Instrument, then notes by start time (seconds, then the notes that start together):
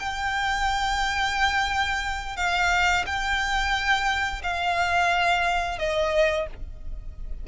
violin
0.00 G5
2.37 F5
3.07 G5
4.43 F5
5.79 D#5